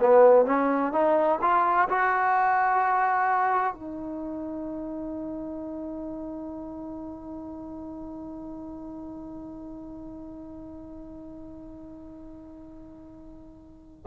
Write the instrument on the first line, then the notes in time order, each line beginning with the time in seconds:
trombone
0.00 B3
0.45 C#4
0.92 D#4
1.41 F4
1.89 F#4
3.73 D#4